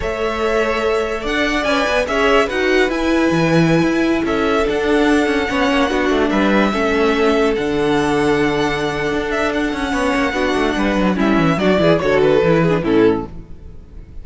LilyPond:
<<
  \new Staff \with { instrumentName = "violin" } { \time 4/4 \tempo 4 = 145 e''2. fis''4 | gis''4 e''4 fis''4 gis''4~ | gis''2~ gis''16 e''4 fis''8.~ | fis''2.~ fis''16 e''8.~ |
e''2~ e''16 fis''4.~ fis''16~ | fis''2~ fis''8 e''8 fis''4~ | fis''2. e''4 | d''4 cis''8 b'4. a'4 | }
  \new Staff \with { instrumentName = "violin" } { \time 4/4 cis''2. d''4~ | d''4 cis''4 b'2~ | b'2~ b'16 a'4.~ a'16~ | a'4~ a'16 cis''4 fis'4 b'8.~ |
b'16 a'2.~ a'8.~ | a'1 | cis''4 fis'4 b'4 e'4 | fis'8 gis'8 a'4. gis'8 e'4 | }
  \new Staff \with { instrumentName = "viola" } { \time 4/4 a'1 | b'4 gis'4 fis'4 e'4~ | e'2.~ e'16 d'8.~ | d'4~ d'16 cis'4 d'4.~ d'16~ |
d'16 cis'2 d'4.~ d'16~ | d'1 | cis'4 d'2 cis'4 | d'8 e'8 fis'4 e'8. d'16 cis'4 | }
  \new Staff \with { instrumentName = "cello" } { \time 4/4 a2. d'4 | cis'8 b8 cis'4 dis'4 e'4 | e4~ e16 e'4 cis'4 d'8.~ | d'8. cis'8 b8 ais8 b8 a8 g8.~ |
g16 a2 d4.~ d16~ | d2 d'4. cis'8 | b8 ais8 b8 a8 g8 fis8 g8 e8 | fis8 e8 d4 e4 a,4 | }
>>